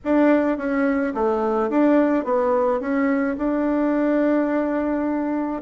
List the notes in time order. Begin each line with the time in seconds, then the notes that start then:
0.04 D4
0.57 C#4
1.14 A3
1.69 D4
2.24 B3
2.80 C#4
3.37 D4